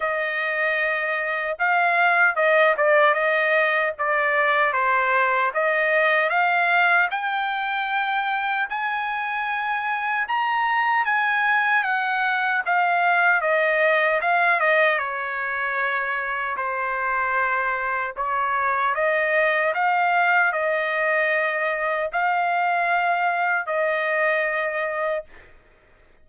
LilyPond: \new Staff \with { instrumentName = "trumpet" } { \time 4/4 \tempo 4 = 76 dis''2 f''4 dis''8 d''8 | dis''4 d''4 c''4 dis''4 | f''4 g''2 gis''4~ | gis''4 ais''4 gis''4 fis''4 |
f''4 dis''4 f''8 dis''8 cis''4~ | cis''4 c''2 cis''4 | dis''4 f''4 dis''2 | f''2 dis''2 | }